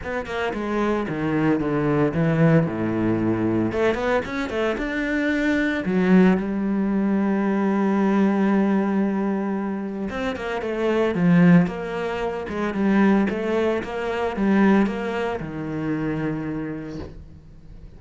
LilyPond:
\new Staff \with { instrumentName = "cello" } { \time 4/4 \tempo 4 = 113 b8 ais8 gis4 dis4 d4 | e4 a,2 a8 b8 | cis'8 a8 d'2 fis4 | g1~ |
g2. c'8 ais8 | a4 f4 ais4. gis8 | g4 a4 ais4 g4 | ais4 dis2. | }